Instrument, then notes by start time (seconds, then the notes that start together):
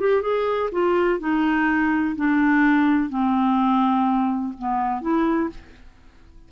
clarinet
0.00 G4
0.22 G#4
0.72 F4
1.20 D#4
2.16 D4
3.10 C4
4.59 B3
5.02 E4